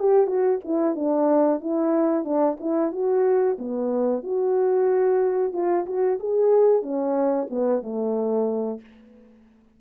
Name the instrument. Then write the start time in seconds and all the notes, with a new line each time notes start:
horn
0.00 G4
0.27 F#4
0.65 E4
0.95 D4
1.61 E4
2.25 D4
2.60 E4
2.92 F#4
3.59 B3
4.23 F#4
5.53 F4
5.86 F#4
6.20 G#4
6.83 C#4
7.50 B3
7.83 A3